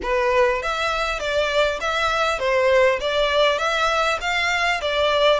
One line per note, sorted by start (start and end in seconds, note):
0.02 0.62 B4
0.62 1.19 E5
1.19 1.79 D5
1.80 2.39 E5
2.39 2.99 C5
3.00 3.58 D5
3.58 4.18 E5
4.20 4.80 F5
4.81 5.39 D5